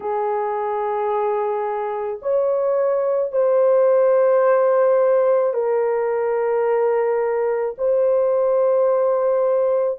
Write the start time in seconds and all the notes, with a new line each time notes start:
0.00 G#4
2.22 C#5
3.31 C5
5.53 A#4
7.78 C5